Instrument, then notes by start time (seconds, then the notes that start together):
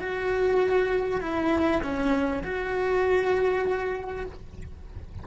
cello
0.00 F#4
1.21 E4
1.83 C#4
2.44 F#4